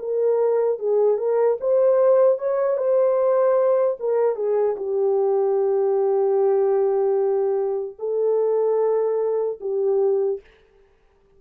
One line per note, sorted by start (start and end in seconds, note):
0.00 0.79 A#4
0.79 1.18 G#4
1.18 1.58 A#4
1.61 2.39 C5
2.39 2.78 C#5
2.78 3.98 C5
4.00 4.36 A#4
4.36 4.76 G#4
4.77 7.97 G4
7.99 9.59 A4
9.61 10.41 G4